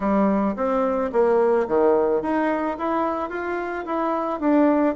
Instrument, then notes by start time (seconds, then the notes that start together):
bassoon
0.00 G3
0.56 C4
1.12 A#3
1.67 D#3
2.22 D#4
2.77 E4
3.29 F4
3.85 E4
4.40 D4